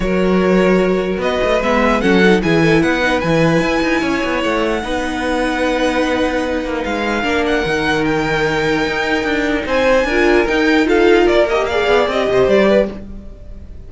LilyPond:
<<
  \new Staff \with { instrumentName = "violin" } { \time 4/4 \tempo 4 = 149 cis''2. dis''4 | e''4 fis''4 gis''4 fis''4 | gis''2. fis''4~ | fis''1~ |
fis''4 f''4. fis''4. | g''1 | gis''2 g''4 f''4 | d''8 dis''8 f''4 dis''4 d''4 | }
  \new Staff \with { instrumentName = "violin" } { \time 4/4 ais'2. b'4~ | b'4 a'4 gis'8 a'8 b'4~ | b'2 cis''2 | b'1~ |
b'2 ais'2~ | ais'1 | c''4 ais'2 a'4 | ais'4 d''4. c''4 b'8 | }
  \new Staff \with { instrumentName = "viola" } { \time 4/4 fis'1 | b4 cis'8 dis'8 e'4. dis'8 | e'1 | dis'1~ |
dis'2 d'4 dis'4~ | dis'1~ | dis'4 f'4 dis'4 f'4~ | f'8 g'8 gis'4 g'2 | }
  \new Staff \with { instrumentName = "cello" } { \time 4/4 fis2. b8 a8 | gis4 fis4 e4 b4 | e4 e'8 dis'8 cis'8 b8 a4 | b1~ |
b8 ais8 gis4 ais4 dis4~ | dis2 dis'4 d'4 | c'4 d'4 dis'2 | ais4. b8 c'8 c8 g4 | }
>>